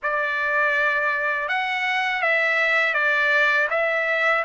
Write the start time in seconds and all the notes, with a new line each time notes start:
0.02 D5
1.48 F#5
2.22 E5
2.94 D5
3.70 E5